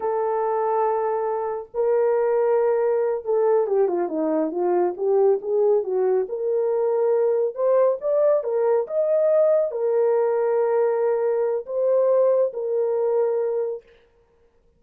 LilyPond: \new Staff \with { instrumentName = "horn" } { \time 4/4 \tempo 4 = 139 a'1 | ais'2.~ ais'8 a'8~ | a'8 g'8 f'8 dis'4 f'4 g'8~ | g'8 gis'4 fis'4 ais'4.~ |
ais'4. c''4 d''4 ais'8~ | ais'8 dis''2 ais'4.~ | ais'2. c''4~ | c''4 ais'2. | }